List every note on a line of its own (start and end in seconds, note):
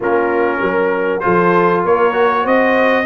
0.00 0.60 A#3
0.00 1.21 C#4
0.00 0.60 F4
0.00 1.20 A#4
0.60 1.22 F#3
0.60 1.23 A#4
1.20 1.85 F3
1.20 2.12 F4
1.20 1.84 A4
1.20 1.81 C5
1.84 2.45 A#3
1.84 2.42 A#4
1.84 2.46 C#5
2.12 3.04 F#4
2.42 3.05 C4
2.42 3.04 C5
2.42 3.05 D#5